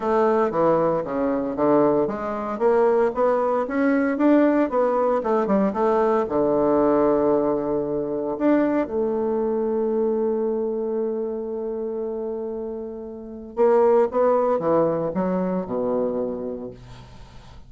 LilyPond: \new Staff \with { instrumentName = "bassoon" } { \time 4/4 \tempo 4 = 115 a4 e4 cis4 d4 | gis4 ais4 b4 cis'4 | d'4 b4 a8 g8 a4 | d1 |
d'4 a2.~ | a1~ | a2 ais4 b4 | e4 fis4 b,2 | }